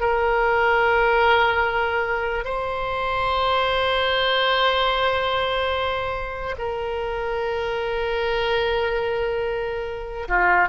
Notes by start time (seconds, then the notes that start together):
0.00 A#4
2.44 C5
6.58 A#4
10.28 F4